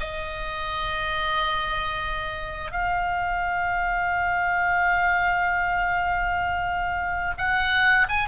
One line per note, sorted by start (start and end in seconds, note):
0.00 2.71 D#5
2.71 7.33 F5
7.38 8.07 F#5
8.09 8.28 G#5